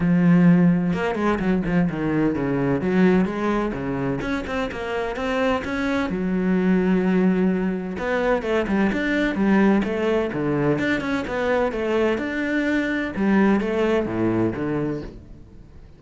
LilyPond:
\new Staff \with { instrumentName = "cello" } { \time 4/4 \tempo 4 = 128 f2 ais8 gis8 fis8 f8 | dis4 cis4 fis4 gis4 | cis4 cis'8 c'8 ais4 c'4 | cis'4 fis2.~ |
fis4 b4 a8 g8 d'4 | g4 a4 d4 d'8 cis'8 | b4 a4 d'2 | g4 a4 a,4 d4 | }